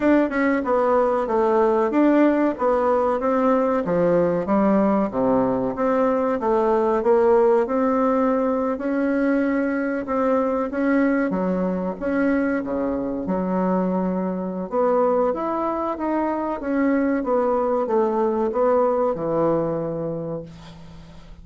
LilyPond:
\new Staff \with { instrumentName = "bassoon" } { \time 4/4 \tempo 4 = 94 d'8 cis'8 b4 a4 d'4 | b4 c'4 f4 g4 | c4 c'4 a4 ais4 | c'4.~ c'16 cis'2 c'16~ |
c'8. cis'4 fis4 cis'4 cis16~ | cis8. fis2~ fis16 b4 | e'4 dis'4 cis'4 b4 | a4 b4 e2 | }